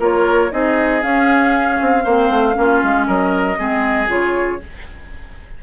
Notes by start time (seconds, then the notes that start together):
0.00 A#3 F4 A#4 C#5
0.51 C4 D#4 G#4 D#5
1.03 C#4 F5
1.81 C4
2.04 A#3 C4 C5
2.30 A3
2.54 A#3 C#4
2.60 F4
2.83 G#3
3.07 F#3 A#4 D#5
3.57 G#3 C4 G#4
4.08 C#3 F4 C#5